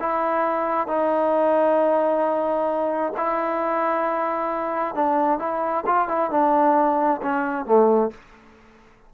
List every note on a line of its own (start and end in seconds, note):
0.00 0.88 E4
0.88 3.13 D#4
3.17 4.95 E4
4.95 5.40 D4
5.40 5.84 E4
5.86 6.08 F4
6.08 6.31 E4
6.31 7.21 D4
7.22 7.66 C#4
7.66 8.11 A3